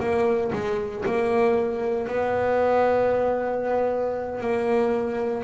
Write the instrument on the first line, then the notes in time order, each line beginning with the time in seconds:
double bass
0.00 A#3
0.53 G#3
1.06 A#3
2.08 B3
4.41 A#3